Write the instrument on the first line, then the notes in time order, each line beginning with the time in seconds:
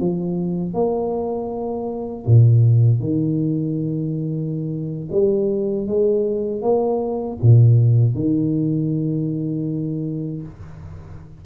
tuba
0.00 F3
0.74 A#3
2.26 A#2
3.00 D#3
5.12 G3
5.87 G#3
6.62 A#3
7.43 A#2
8.15 D#3